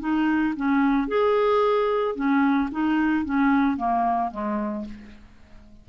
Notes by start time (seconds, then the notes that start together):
0.00 D#4
0.56 C#4
1.08 G#4
2.15 C#4
2.71 D#4
3.25 C#4
3.77 A#3
4.31 G#3